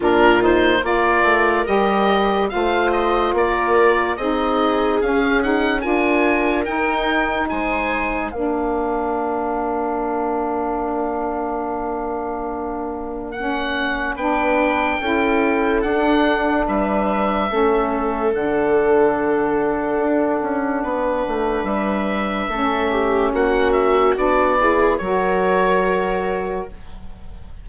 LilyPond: <<
  \new Staff \with { instrumentName = "oboe" } { \time 4/4 \tempo 4 = 72 ais'8 c''8 d''4 dis''4 f''8 dis''8 | d''4 dis''4 f''8 fis''8 gis''4 | g''4 gis''4 f''2~ | f''1 |
fis''4 g''2 fis''4 | e''2 fis''2~ | fis''2 e''2 | fis''8 e''8 d''4 cis''2 | }
  \new Staff \with { instrumentName = "viola" } { \time 4/4 f'4 ais'2 c''4 | ais'4 gis'2 ais'4~ | ais'4 c''4 ais'2~ | ais'1~ |
ais'4 b'4 a'2 | b'4 a'2.~ | a'4 b'2 a'8 g'8 | fis'4. gis'8 ais'2 | }
  \new Staff \with { instrumentName = "saxophone" } { \time 4/4 d'8 dis'8 f'4 g'4 f'4~ | f'4 dis'4 cis'8 dis'8 f'4 | dis'2 d'2~ | d'1 |
cis'4 d'4 e'4 d'4~ | d'4 cis'4 d'2~ | d'2. cis'4~ | cis'4 d'8 e'8 fis'2 | }
  \new Staff \with { instrumentName = "bassoon" } { \time 4/4 ais,4 ais8 a8 g4 a4 | ais4 c'4 cis'4 d'4 | dis'4 gis4 ais2~ | ais1~ |
ais4 b4 cis'4 d'4 | g4 a4 d2 | d'8 cis'8 b8 a8 g4 a4 | ais4 b4 fis2 | }
>>